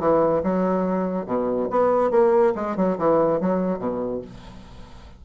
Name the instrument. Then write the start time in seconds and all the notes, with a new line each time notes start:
bassoon
0.00 E3
0.43 F#3
1.26 B2
1.71 B3
2.11 A#3
2.56 G#3
2.77 F#3
2.98 E3
3.40 F#3
3.79 B2